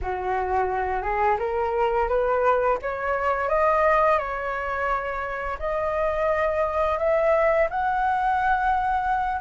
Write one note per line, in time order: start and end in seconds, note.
0.01 1.02 F#4
1.02 1.37 G#4
1.38 2.08 A#4
2.08 2.78 B4
2.82 3.49 C#5
3.49 4.18 D#5
4.18 5.58 C#5
5.59 6.98 D#5
6.98 7.68 E5
7.70 9.41 F#5